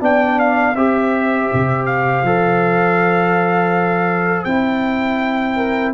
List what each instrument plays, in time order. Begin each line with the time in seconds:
0.00 tuba B3, trombone D4, horn D5, trumpet G5
0.40 trumpet F5
0.75 tuba C4, trombone G4, horn C5, trumpet E5
1.53 tuba C3
1.86 trumpet F5
2.23 tuba F3, trombone A4
4.44 tuba C4, trombone E4, trumpet G5
5.56 horn A#4